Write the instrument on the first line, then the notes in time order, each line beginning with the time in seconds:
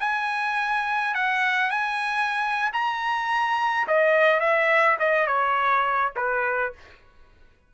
trumpet
0.00 G#5
1.15 F#5
1.70 G#5
2.73 A#5
3.88 D#5
4.40 E5
4.99 D#5
5.27 C#5
6.16 B4